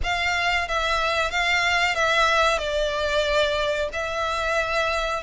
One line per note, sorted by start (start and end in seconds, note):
0.03 0.68 F5
0.68 1.30 E5
1.30 1.95 F5
1.95 2.58 E5
2.58 3.89 D5
3.92 5.23 E5